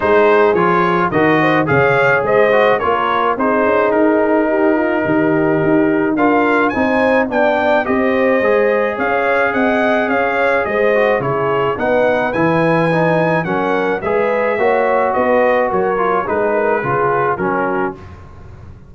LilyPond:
<<
  \new Staff \with { instrumentName = "trumpet" } { \time 4/4 \tempo 4 = 107 c''4 cis''4 dis''4 f''4 | dis''4 cis''4 c''4 ais'4~ | ais'2. f''4 | gis''4 g''4 dis''2 |
f''4 fis''4 f''4 dis''4 | cis''4 fis''4 gis''2 | fis''4 e''2 dis''4 | cis''4 b'2 ais'4 | }
  \new Staff \with { instrumentName = "horn" } { \time 4/4 gis'2 ais'8 c''8 cis''4 | c''4 ais'4 gis'2 | g'8 f'8 g'2 ais'4 | c''4 d''4 c''2 |
cis''4 dis''4 cis''4 c''4 | gis'4 b'2. | ais'4 b'4 cis''4 b'4 | ais'4 gis'8 ais'8 gis'4 fis'4 | }
  \new Staff \with { instrumentName = "trombone" } { \time 4/4 dis'4 f'4 fis'4 gis'4~ | gis'8 fis'8 f'4 dis'2~ | dis'2. f'4 | dis'4 d'4 g'4 gis'4~ |
gis'2.~ gis'8 fis'8 | e'4 dis'4 e'4 dis'4 | cis'4 gis'4 fis'2~ | fis'8 f'8 dis'4 f'4 cis'4 | }
  \new Staff \with { instrumentName = "tuba" } { \time 4/4 gis4 f4 dis4 cis4 | gis4 ais4 c'8 cis'8 dis'4~ | dis'4 dis4 dis'4 d'4 | c'4 b4 c'4 gis4 |
cis'4 c'4 cis'4 gis4 | cis4 b4 e2 | fis4 gis4 ais4 b4 | fis4 gis4 cis4 fis4 | }
>>